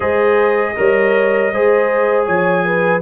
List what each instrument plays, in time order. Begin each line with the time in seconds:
0.00 tuba G#3, trombone G#4, horn C5, trumpet D#5
0.76 tuba G3, trombone A#4, horn C#5
1.52 tuba G#3, trombone G#4, horn C5
2.25 tuba F3, horn C#5, trumpet G#5
2.64 horn B4